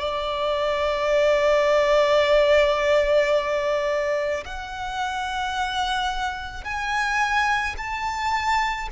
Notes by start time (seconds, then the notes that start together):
0.00 D5
4.45 F#5
6.64 G#5
7.77 A5